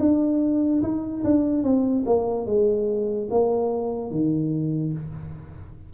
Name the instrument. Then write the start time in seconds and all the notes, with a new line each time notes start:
tuba
0.00 D4
0.83 D#4
1.24 D4
1.64 C4
2.06 A#3
2.46 G#3
3.31 A#3
4.11 D#3